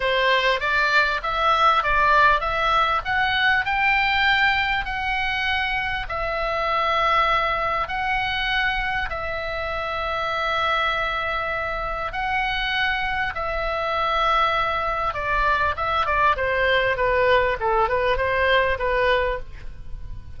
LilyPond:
\new Staff \with { instrumentName = "oboe" } { \time 4/4 \tempo 4 = 99 c''4 d''4 e''4 d''4 | e''4 fis''4 g''2 | fis''2 e''2~ | e''4 fis''2 e''4~ |
e''1 | fis''2 e''2~ | e''4 d''4 e''8 d''8 c''4 | b'4 a'8 b'8 c''4 b'4 | }